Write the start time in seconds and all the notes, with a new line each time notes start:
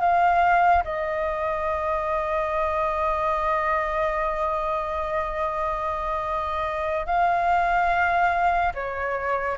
0.00 F5
0.84 D#5
7.06 F5
8.74 C#5